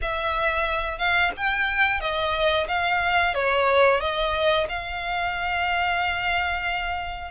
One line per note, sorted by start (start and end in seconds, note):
0.01 0.98 E5
0.98 1.31 F5
1.36 2.00 G5
2.00 2.67 D#5
2.68 3.34 F5
3.34 4.00 C#5
4.00 4.67 D#5
4.68 7.31 F5